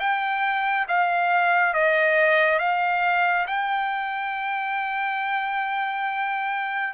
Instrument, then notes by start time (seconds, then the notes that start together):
trumpet
0.00 G5
0.89 F5
1.74 D#5
2.59 F5
3.47 G5